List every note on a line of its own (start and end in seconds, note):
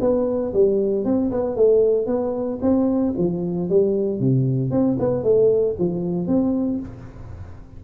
0.00 0.53 B3
0.53 1.04 G3
1.04 1.31 C4
1.31 1.56 B3
1.56 2.06 A3
2.06 2.59 B3
2.61 3.14 C4
3.17 3.69 F3
3.69 4.19 G3
4.19 4.70 C3
4.70 4.97 C4
4.99 5.23 B3
5.23 5.76 A3
5.78 6.27 F3
6.27 6.79 C4